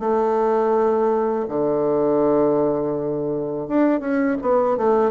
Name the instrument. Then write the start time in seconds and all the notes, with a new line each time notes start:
bassoon
0.00 A3
1.49 D3
3.68 D4
4.00 C#4
4.42 B3
4.78 A3